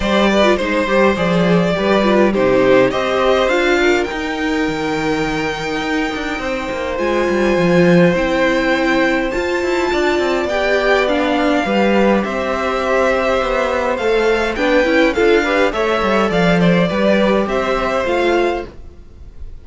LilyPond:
<<
  \new Staff \with { instrumentName = "violin" } { \time 4/4 \tempo 4 = 103 d''4 c''4 d''2 | c''4 dis''4 f''4 g''4~ | g''1 | gis''2 g''2 |
a''2 g''4 f''4~ | f''4 e''2. | f''4 g''4 f''4 e''4 | f''8 d''4. e''4 f''4 | }
  \new Staff \with { instrumentName = "violin" } { \time 4/4 c''8 b'8 c''2 b'4 | g'4 c''4. ais'4.~ | ais'2. c''4~ | c''1~ |
c''4 d''2. | b'4 c''2.~ | c''4 b'4 a'8 b'8 cis''4 | d''8 c''8 b'4 c''2 | }
  \new Staff \with { instrumentName = "viola" } { \time 4/4 g'8. f'16 dis'8 g'8 gis'4 g'8 f'8 | dis'4 g'4 f'4 dis'4~ | dis'1 | f'2 e'2 |
f'2 g'4 d'4 | g'1 | a'4 d'8 e'8 f'8 g'8 a'4~ | a'4 g'2 f'4 | }
  \new Staff \with { instrumentName = "cello" } { \time 4/4 g4 gis8 g8 f4 g4 | c4 c'4 d'4 dis'4 | dis2 dis'8 d'8 c'8 ais8 | gis8 g8 f4 c'2 |
f'8 e'8 d'8 c'8 b2 | g4 c'2 b4 | a4 b8 cis'8 d'4 a8 g8 | f4 g4 c'4 a4 | }
>>